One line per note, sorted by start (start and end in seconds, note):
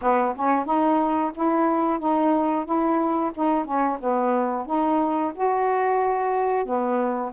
0.02 0.35 B3
0.35 0.65 C#4
0.65 1.32 D#4
1.35 1.99 E4
1.99 2.65 D#4
2.65 3.32 E4
3.35 3.65 D#4
3.65 3.98 C#4
4.00 4.65 B3
4.65 5.32 D#4
5.34 6.65 F#4
6.65 7.32 B3